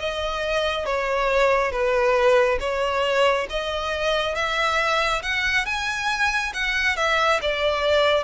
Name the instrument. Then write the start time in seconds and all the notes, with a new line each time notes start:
violin
0.00 D#5
0.86 C#5
1.72 B4
2.60 C#5
3.50 D#5
4.35 E5
5.23 F#5
5.66 G#5
6.54 F#5
6.97 E5
7.42 D5